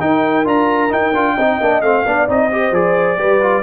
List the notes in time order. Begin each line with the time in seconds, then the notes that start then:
0.00 D#4 A#4 G5
0.44 D4 F4 A#5
0.89 D#4 G5
1.14 D4 F4
1.34 C4 D#4 D#5
1.61 A#3 D4
1.81 A3 C4 F5
2.05 B3 D4 D5
2.28 C4 D#4 D#5
2.51 G4 C5
2.71 F3 G#4 D5
3.18 G3 G4 B4
3.41 F4